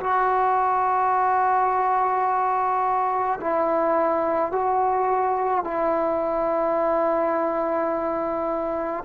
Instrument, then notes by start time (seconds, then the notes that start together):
trombone
0.00 F#4
3.41 E4
4.52 F#4
5.64 E4